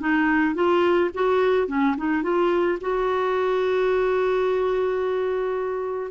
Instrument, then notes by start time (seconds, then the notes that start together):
clarinet
0.00 D#4
0.55 F4
1.14 F#4
1.68 C#4
1.97 D#4
2.22 F4
2.81 F#4